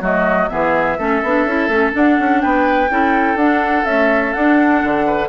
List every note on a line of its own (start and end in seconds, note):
0.00 0.48 F#3
0.00 0.49 A3
0.00 0.49 F#4
0.00 0.48 D#5
0.48 0.98 E3
0.48 0.97 B3
0.48 0.98 G#4
0.48 1.92 E5
0.98 1.22 A3
0.98 1.23 C#4
0.98 2.42 A4
1.23 1.45 B3
1.23 1.48 D4
1.45 1.68 C#4
1.45 1.69 E4
1.68 1.92 A3
1.68 1.92 C#4
1.92 2.88 D4
1.92 2.19 D4
1.92 2.41 F#5
2.19 2.43 C#4
2.41 2.90 B3
2.41 2.90 B4
2.41 3.37 G5
2.90 3.35 C#4
2.90 3.38 E4
2.90 5.06 A4
3.35 3.83 D4
3.35 3.86 D4
3.35 3.85 F#5
3.85 4.35 A3
3.85 4.33 C#4
3.85 4.33 E5
4.33 5.28 D4
4.33 4.83 D4
4.33 5.28 F#5
4.84 5.28 D3
5.06 5.28 B4